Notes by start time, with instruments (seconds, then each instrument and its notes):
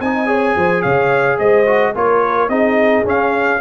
0.00 tuba C4, trombone D#4, horn D#5, trumpet G#5
0.26 trombone G#4, horn C#5
0.56 tuba F3, horn C5
0.82 tuba C#3, horn C#5, trumpet F5
1.38 tuba G#3, horn C5, trumpet D#5
1.66 trombone F#4
1.95 tuba A#3, trombone F4, horn A#4, trumpet C#5
2.48 tuba C4, trombone D#4, horn G#4, trumpet D#5
3.04 trombone C#4, tuba C#4, trumpet F5